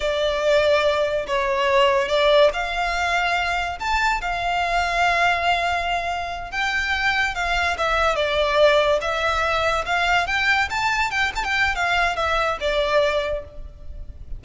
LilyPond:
\new Staff \with { instrumentName = "violin" } { \time 4/4 \tempo 4 = 143 d''2. cis''4~ | cis''4 d''4 f''2~ | f''4 a''4 f''2~ | f''2.~ f''8 g''8~ |
g''4. f''4 e''4 d''8~ | d''4. e''2 f''8~ | f''8 g''4 a''4 g''8 a''16 g''8. | f''4 e''4 d''2 | }